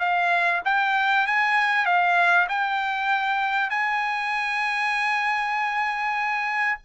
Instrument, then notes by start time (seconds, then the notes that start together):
trumpet
0.00 F5
0.65 G5
1.27 G#5
1.86 F5
2.49 G5
3.70 G#5